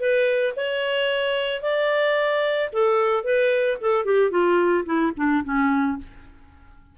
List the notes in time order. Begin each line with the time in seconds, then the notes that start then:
0.00 B4
0.57 C#5
1.63 D5
2.73 A4
3.24 B4
3.82 A4
4.05 G4
4.31 F4
4.86 E4
5.17 D4
5.45 C#4